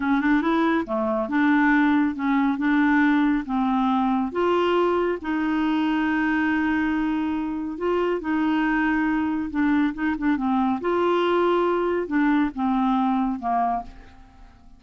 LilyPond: \new Staff \with { instrumentName = "clarinet" } { \time 4/4 \tempo 4 = 139 cis'8 d'8 e'4 a4 d'4~ | d'4 cis'4 d'2 | c'2 f'2 | dis'1~ |
dis'2 f'4 dis'4~ | dis'2 d'4 dis'8 d'8 | c'4 f'2. | d'4 c'2 ais4 | }